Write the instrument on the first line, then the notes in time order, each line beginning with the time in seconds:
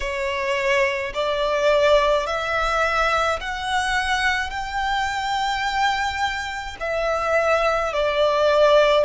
violin
0.00 C#5
1.13 D5
2.26 E5
3.40 F#5
4.50 G5
6.80 E5
7.92 D5